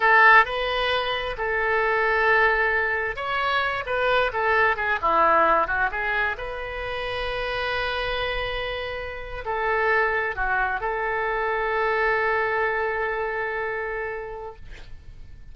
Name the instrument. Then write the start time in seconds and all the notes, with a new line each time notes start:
oboe
0.00 A4
0.45 B4
1.37 A4
3.15 C#5
3.86 B4
4.33 A4
4.76 G#4
5.01 E4
5.67 F#4
5.91 G#4
6.37 B4
9.45 A4
10.35 F#4
10.80 A4